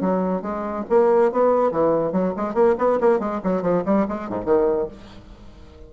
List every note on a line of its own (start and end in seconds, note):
0.00 0.42 F#3
0.42 0.84 G#3
0.89 1.31 A#3
1.31 1.71 B3
1.71 2.12 E3
2.12 2.33 F#3
2.36 2.54 G#3
2.54 2.75 A#3
2.78 2.99 B3
3.00 3.19 A#3
3.19 3.40 G#3
3.44 3.62 F#3
3.62 3.83 F3
3.85 4.06 G3
4.08 4.29 G#3
4.29 4.45 G#2
4.45 4.87 D#3